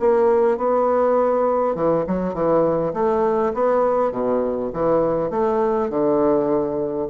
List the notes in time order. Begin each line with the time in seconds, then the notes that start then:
0.00 A#3
0.58 B3
1.75 E3
2.07 F#3
2.34 E3
2.94 A3
3.54 B3
4.12 B2
4.73 E3
5.30 A3
5.90 D3